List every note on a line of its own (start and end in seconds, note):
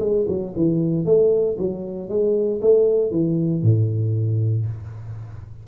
0.00 0.26 G#3
0.28 0.54 F#3
0.56 1.05 E3
1.05 1.57 A3
1.58 2.09 F#3
2.09 2.61 G#3
2.61 3.11 A3
3.11 3.63 E3
3.63 4.66 A2